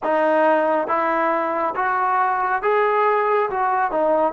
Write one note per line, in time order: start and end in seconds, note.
0.03 0.87 D#4
0.87 1.74 E4
1.75 2.62 F#4
2.62 3.49 G#4
3.49 3.91 F#4
3.91 4.32 D#4